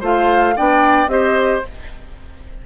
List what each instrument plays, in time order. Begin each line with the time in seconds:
0.00 bassoon A3, clarinet F4, oboe C5, flute F5
0.55 bassoon B3, clarinet D4, oboe D5, flute G5
1.07 bassoon C4, clarinet G4, oboe C5, flute D#5